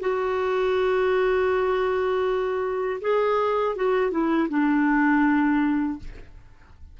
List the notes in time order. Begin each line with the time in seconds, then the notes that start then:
0.00 F#4
3.01 G#4
3.76 F#4
4.11 E4
4.49 D4